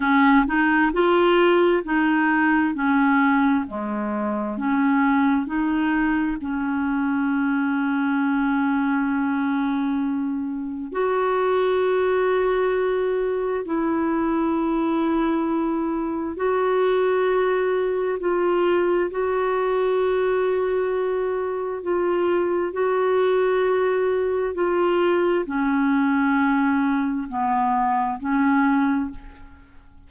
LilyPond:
\new Staff \with { instrumentName = "clarinet" } { \time 4/4 \tempo 4 = 66 cis'8 dis'8 f'4 dis'4 cis'4 | gis4 cis'4 dis'4 cis'4~ | cis'1 | fis'2. e'4~ |
e'2 fis'2 | f'4 fis'2. | f'4 fis'2 f'4 | cis'2 b4 cis'4 | }